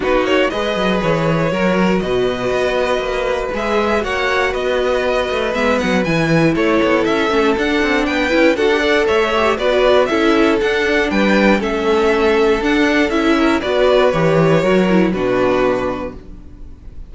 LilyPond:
<<
  \new Staff \with { instrumentName = "violin" } { \time 4/4 \tempo 4 = 119 b'8 cis''8 dis''4 cis''2 | dis''2. e''4 | fis''4 dis''2 e''8 fis''8 | gis''4 cis''4 e''4 fis''4 |
g''4 fis''4 e''4 d''4 | e''4 fis''4 g''4 e''4~ | e''4 fis''4 e''4 d''4 | cis''2 b'2 | }
  \new Staff \with { instrumentName = "violin" } { \time 4/4 fis'4 b'2 ais'4 | b'1 | cis''4 b'2.~ | b'4 a'2. |
b'4 a'8 d''8 cis''4 b'4 | a'2 b'4 a'4~ | a'2~ a'8 ais'8 b'4~ | b'4 ais'4 fis'2 | }
  \new Staff \with { instrumentName = "viola" } { \time 4/4 dis'4 gis'2 fis'4~ | fis'2. gis'4 | fis'2. b4 | e'2~ e'8 cis'8 d'4~ |
d'8 e'8 fis'16 g'16 a'4 g'8 fis'4 | e'4 d'2 cis'4~ | cis'4 d'4 e'4 fis'4 | g'4 fis'8 e'8 d'2 | }
  \new Staff \with { instrumentName = "cello" } { \time 4/4 b8 ais8 gis8 fis8 e4 fis4 | b,4 b4 ais4 gis4 | ais4 b4. a8 gis8 fis8 | e4 a8 b8 cis'8 a8 d'8 c'8 |
b8 cis'8 d'4 a4 b4 | cis'4 d'4 g4 a4~ | a4 d'4 cis'4 b4 | e4 fis4 b,2 | }
>>